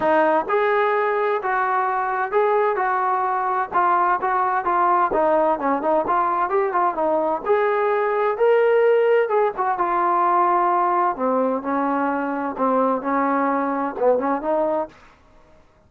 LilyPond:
\new Staff \with { instrumentName = "trombone" } { \time 4/4 \tempo 4 = 129 dis'4 gis'2 fis'4~ | fis'4 gis'4 fis'2 | f'4 fis'4 f'4 dis'4 | cis'8 dis'8 f'4 g'8 f'8 dis'4 |
gis'2 ais'2 | gis'8 fis'8 f'2. | c'4 cis'2 c'4 | cis'2 b8 cis'8 dis'4 | }